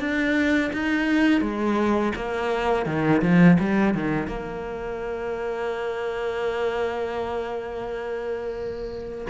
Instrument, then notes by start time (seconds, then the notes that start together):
cello
0.00 D4
0.73 D#4
1.42 G#3
2.16 A#3
2.86 D#3
3.22 F3
3.60 G3
3.94 D#3
4.28 A#3